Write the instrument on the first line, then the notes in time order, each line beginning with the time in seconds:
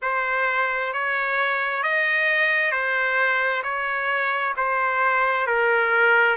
trumpet
0.02 C5
0.93 C#5
1.83 D#5
2.71 C5
3.63 C#5
4.56 C5
5.47 A#4